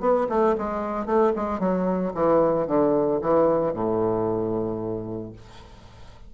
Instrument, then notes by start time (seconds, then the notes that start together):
bassoon
0.00 B3
0.29 A3
0.57 G#3
1.05 A3
1.35 G#3
1.59 F#3
2.14 E3
2.67 D3
3.21 E3
3.73 A2